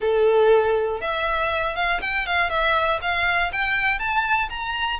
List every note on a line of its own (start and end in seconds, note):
0.00 1.00 A4
1.00 1.75 E5
1.75 2.00 F5
2.01 2.26 G5
2.26 2.49 F5
2.49 2.99 E5
3.01 3.51 F5
3.52 3.99 G5
3.99 4.49 A5
4.49 4.99 A#5